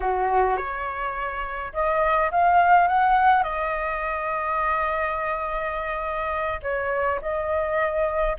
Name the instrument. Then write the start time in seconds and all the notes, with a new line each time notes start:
flute
0.00 F#4
0.56 C#5
1.73 D#5
2.31 F5
2.87 F#5
3.43 D#5
6.62 C#5
7.21 D#5